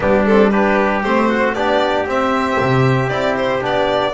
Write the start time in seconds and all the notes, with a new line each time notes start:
0.00 G3 B3 D4 G4
0.26 C4 A4
0.50 D4 G4 B4
1.02 A3 C4 C5
1.28 F#4
1.54 B3 D4 G4 D5
2.06 C4 E5
2.60 C3
3.09 C4 E4 D5
3.37 C5
3.61 B3 D4 D5